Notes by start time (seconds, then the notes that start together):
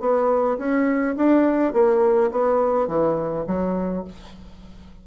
0.00 B3
0.58 C#4
1.17 D4
1.73 A#3
2.31 B3
2.88 E3
3.47 F#3